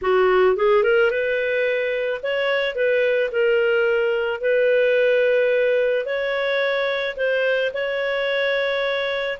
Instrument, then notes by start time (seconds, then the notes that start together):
clarinet
0.01 F#4
0.56 G#4
0.83 A#4
1.10 B4
2.22 C#5
2.75 B4
3.31 A#4
4.40 B4
6.05 C#5
7.16 C5
7.73 C#5